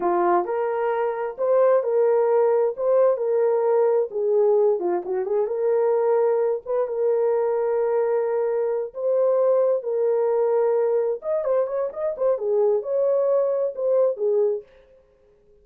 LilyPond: \new Staff \with { instrumentName = "horn" } { \time 4/4 \tempo 4 = 131 f'4 ais'2 c''4 | ais'2 c''4 ais'4~ | ais'4 gis'4. f'8 fis'8 gis'8 | ais'2~ ais'8 b'8 ais'4~ |
ais'2.~ ais'8 c''8~ | c''4. ais'2~ ais'8~ | ais'8 dis''8 c''8 cis''8 dis''8 c''8 gis'4 | cis''2 c''4 gis'4 | }